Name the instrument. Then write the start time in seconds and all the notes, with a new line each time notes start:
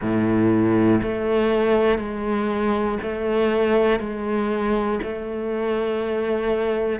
cello
0.00 A2
1.02 A3
1.98 G#3
3.02 A3
3.99 G#3
5.02 A3